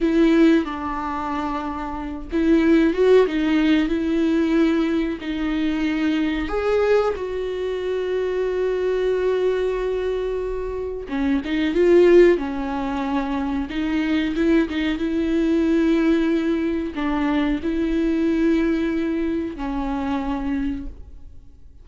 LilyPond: \new Staff \with { instrumentName = "viola" } { \time 4/4 \tempo 4 = 92 e'4 d'2~ d'8 e'8~ | e'8 fis'8 dis'4 e'2 | dis'2 gis'4 fis'4~ | fis'1~ |
fis'4 cis'8 dis'8 f'4 cis'4~ | cis'4 dis'4 e'8 dis'8 e'4~ | e'2 d'4 e'4~ | e'2 cis'2 | }